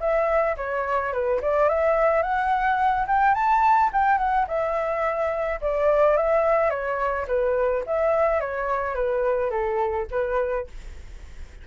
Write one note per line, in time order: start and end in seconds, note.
0.00 0.56 E5
0.57 1.13 C#5
1.13 1.41 B4
1.42 1.69 D5
1.69 2.23 E5
2.23 3.07 F#5
3.07 3.35 G5
3.35 3.90 A5
3.93 4.18 G5
4.18 4.46 F#5
4.48 5.60 E5
5.61 6.17 D5
6.17 6.70 E5
6.70 7.26 C#5
7.28 7.84 B4
7.87 8.40 E5
8.40 8.95 C#5
8.95 9.51 B4
9.51 10.07 A4
10.11 10.67 B4